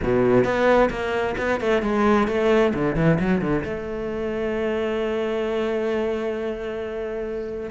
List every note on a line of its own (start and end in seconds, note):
0.02 0.44 B2
0.44 0.89 B3
0.90 1.35 A#3
1.37 1.60 B3
1.60 1.82 A3
1.82 2.27 G#3
2.27 2.73 A3
2.74 2.95 D3
2.95 3.18 E3
3.19 3.41 F#3
3.41 3.63 D3
3.64 7.70 A3